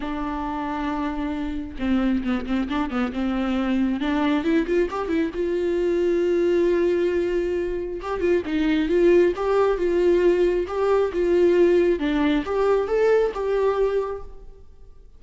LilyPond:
\new Staff \with { instrumentName = "viola" } { \time 4/4 \tempo 4 = 135 d'1 | c'4 b8 c'8 d'8 b8 c'4~ | c'4 d'4 e'8 f'8 g'8 e'8 | f'1~ |
f'2 g'8 f'8 dis'4 | f'4 g'4 f'2 | g'4 f'2 d'4 | g'4 a'4 g'2 | }